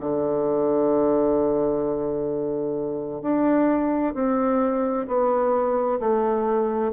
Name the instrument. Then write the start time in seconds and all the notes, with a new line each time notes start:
bassoon
0.00 D3
3.22 D4
4.15 C4
5.07 B3
6.00 A3